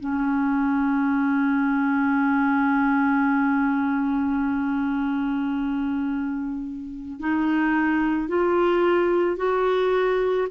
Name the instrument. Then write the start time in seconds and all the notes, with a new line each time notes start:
clarinet
0.00 C#4
7.20 D#4
8.28 F4
9.37 F#4